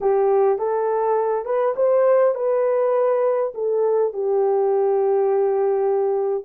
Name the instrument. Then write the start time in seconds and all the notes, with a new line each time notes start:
horn
0.01 G4
0.58 A4
1.45 B4
1.76 C5
2.34 B4
3.54 A4
4.13 G4